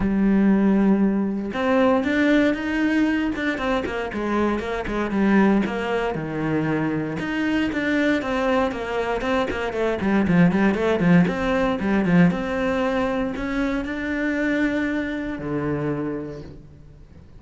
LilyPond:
\new Staff \with { instrumentName = "cello" } { \time 4/4 \tempo 4 = 117 g2. c'4 | d'4 dis'4. d'8 c'8 ais8 | gis4 ais8 gis8 g4 ais4 | dis2 dis'4 d'4 |
c'4 ais4 c'8 ais8 a8 g8 | f8 g8 a8 f8 c'4 g8 f8 | c'2 cis'4 d'4~ | d'2 d2 | }